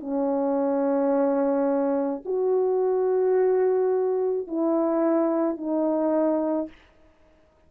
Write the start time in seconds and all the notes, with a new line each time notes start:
0.00 C#4
2.25 F#4
4.47 E4
5.57 D#4